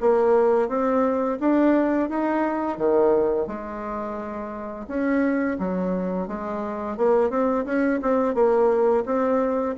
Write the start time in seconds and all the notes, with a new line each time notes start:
0.00 A#3
0.68 C4
1.40 D4
2.09 D#4
2.77 D#3
3.47 G#3
4.87 C#4
5.58 F#3
6.27 G#3
6.97 A#3
7.30 C4
7.65 C#4
8.02 C4
8.34 A#3
9.05 C4